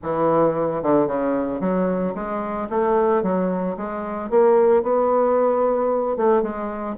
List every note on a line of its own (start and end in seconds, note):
0.02 0.82 E3
0.82 1.07 D3
1.07 1.60 C#3
1.60 2.14 F#3
2.14 2.68 G#3
2.69 3.23 A3
3.23 3.76 F#3
3.76 4.30 G#3
4.30 4.83 A#3
4.83 6.16 B3
6.16 6.42 A3
6.42 6.96 G#3